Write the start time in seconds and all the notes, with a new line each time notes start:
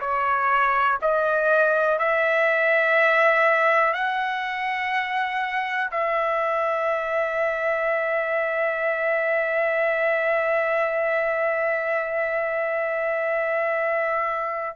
0.00 C#5
1.01 D#5
1.99 E5
3.93 F#5
5.91 E5